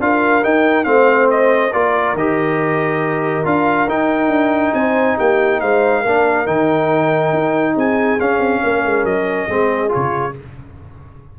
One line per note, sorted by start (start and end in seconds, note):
0.00 0.43 D4
0.00 0.43 F4
0.00 0.87 A#4
0.00 0.44 F5
0.43 0.84 D#4
0.43 0.86 D#4
0.43 0.84 G5
0.84 1.72 A3
0.84 1.71 C4
0.84 1.73 C5
0.84 1.27 F5
1.30 1.73 D#5
1.73 2.14 A#3
1.73 2.16 F4
1.73 4.75 A#4
1.73 2.16 D5
2.14 3.44 D#3
2.14 3.44 G4
2.14 3.46 D#5
3.44 3.88 D4
3.44 3.87 F4
3.44 3.89 F5
3.88 4.28 D#4
3.88 6.05 D#4
3.88 4.74 G5
4.28 4.71 D4
4.73 5.17 C4
4.73 5.17 C5
4.73 5.17 G#5
5.17 5.62 A#3
5.17 5.60 G4
5.17 5.60 G5
5.60 6.05 G#3
5.60 6.01 C5
5.60 6.47 F5
6.01 6.47 A#3
6.01 6.46 D4
6.01 7.74 A#4
6.46 7.33 D#3
6.46 8.19 D#4
6.46 7.76 G5
7.33 7.76 D#4
7.75 8.19 C4
7.75 8.61 G#4
7.75 8.20 G#5
8.20 8.39 C#4
8.20 9.49 C#4
8.20 9.05 F5
8.39 8.60 C4
8.63 8.85 A#3
8.63 9.49 A#4
8.85 9.04 G#3
9.04 9.47 F#3
9.04 9.91 D#5
9.48 9.91 G#3
9.48 9.88 C4
9.48 10.35 G#4
9.88 10.31 F4
9.88 10.36 C#5
9.95 10.39 C#3